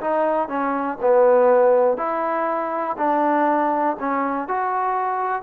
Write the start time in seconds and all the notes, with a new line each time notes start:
0.00 D#4
0.48 C#4
1.01 B3
1.97 E4
2.97 D4
3.99 C#4
4.48 F#4